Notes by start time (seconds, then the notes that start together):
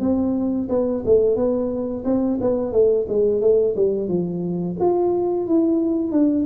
0.00 C4
0.69 B3
1.05 A3
1.36 B3
2.05 C4
2.40 B3
2.72 A3
3.09 G#3
3.41 A3
3.76 G3
4.08 F3
4.80 F4
5.47 E4
6.11 D4